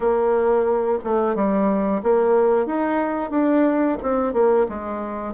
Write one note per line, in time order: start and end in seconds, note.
0.00 0.98 A#3
1.04 1.35 A3
1.35 2.02 G3
2.02 2.66 A#3
2.66 3.30 D#4
3.30 3.97 D4
4.02 4.33 C4
4.33 4.66 A#3
4.68 5.33 G#3